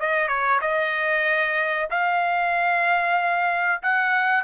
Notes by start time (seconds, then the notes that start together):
0.00 D#5
0.28 C#5
0.62 D#5
1.91 F5
3.83 F#5